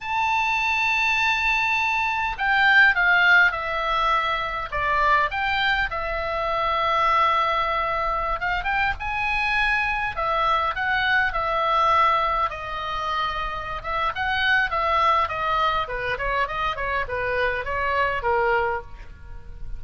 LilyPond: \new Staff \with { instrumentName = "oboe" } { \time 4/4 \tempo 4 = 102 a''1 | g''4 f''4 e''2 | d''4 g''4 e''2~ | e''2~ e''16 f''8 g''8 gis''8.~ |
gis''4~ gis''16 e''4 fis''4 e''8.~ | e''4~ e''16 dis''2~ dis''16 e''8 | fis''4 e''4 dis''4 b'8 cis''8 | dis''8 cis''8 b'4 cis''4 ais'4 | }